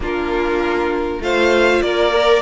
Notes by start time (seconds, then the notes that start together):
0.00 A#3 D4 F4 A#4
1.20 A3 F4 C5 F5
1.81 A#3 A#4 D5
2.12 A#4